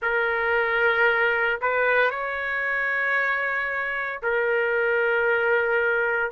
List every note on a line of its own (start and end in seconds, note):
0.01 1.59 A#4
1.61 2.10 B4
2.10 4.21 C#5
4.22 6.31 A#4